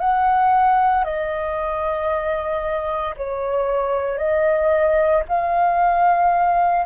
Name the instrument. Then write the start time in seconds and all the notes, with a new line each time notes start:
flute
0.00 F#5
1.04 D#5
3.17 C#5
4.18 D#5
5.28 F5